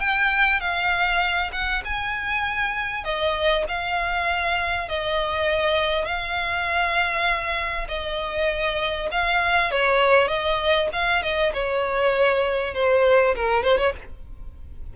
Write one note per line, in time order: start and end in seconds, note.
0.00 0.60 G5
0.60 1.51 F5
1.53 1.83 F#5
1.85 3.04 G#5
3.04 3.65 D#5
3.68 4.89 F5
4.89 6.06 D#5
6.06 7.87 F5
7.88 9.10 D#5
9.12 9.71 F5
9.71 10.28 C#5
10.28 10.89 D#5
10.93 11.23 F5
11.23 11.53 D#5
11.54 12.74 C#5
12.74 13.35 C5
13.36 13.64 A#4
13.64 13.78 C5
13.78 13.93 C#5